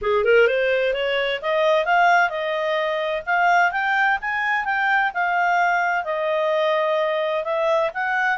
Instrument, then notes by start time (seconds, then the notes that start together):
clarinet
0.01 G#4
0.24 A#4
0.47 C5
0.93 C#5
1.41 D#5
1.85 F5
2.29 D#5
3.26 F5
3.71 G5
4.21 G#5
4.64 G5
5.14 F5
6.04 D#5
7.44 E5
7.93 F#5